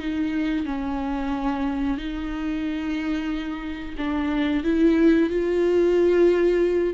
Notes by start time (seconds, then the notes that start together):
0.00 D#4
0.66 C#4
1.98 D#4
3.98 D4
4.64 E4
5.30 F4